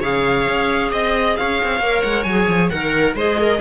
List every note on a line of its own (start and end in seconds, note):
0.00 0.47 C#3
0.00 1.81 G#4
0.00 0.90 C#5
0.00 0.92 F5
0.49 0.92 C#4
0.91 1.37 C4
0.91 1.35 D#5
0.91 1.36 D#5
1.36 1.62 C#4
1.36 2.71 C#5
1.36 2.02 F5
1.63 1.79 C4
1.79 2.02 A#3
1.79 2.26 A#4
2.02 2.25 G#3
2.02 2.23 F#5
2.23 2.47 F#3
2.23 2.68 G#5
2.29 2.72 G#4
2.48 2.70 F3
2.70 3.14 D#3
2.70 3.16 A#4
2.70 3.14 F#5
3.14 3.59 G#3
3.14 3.60 G#4
3.14 3.38 C5
3.14 3.60 D#5
3.39 3.60 A#4